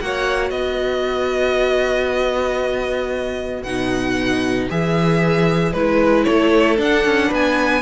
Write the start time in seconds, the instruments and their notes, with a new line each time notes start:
0.00 cello A#3, viola F#4, violin C#5 F#5
0.50 cello B3, violin D#5
0.56 violin B4
3.63 cello B2, viola D#4, violin F#5
4.70 cello E3, viola G#4, violin E5
5.72 cello G#3, viola E4, violin B4
6.24 cello A3, violin A4 C#5
6.77 viola D4, cello D4, violin F#5
7.04 cello C#4
7.27 cello B3, violin B4
7.34 violin G#5